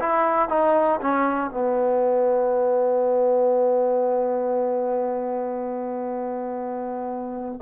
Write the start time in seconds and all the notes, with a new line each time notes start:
0.00 E4
0.49 D#4
1.02 C#4
1.51 B3